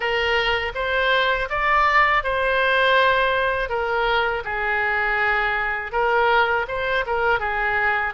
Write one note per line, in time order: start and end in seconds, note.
0.00 0.72 A#4
0.74 1.48 C5
1.49 2.23 D5
2.23 3.69 C5
3.69 4.43 A#4
4.44 5.92 G#4
5.92 6.66 A#4
6.67 7.04 C5
7.06 7.39 A#4
7.39 8.13 G#4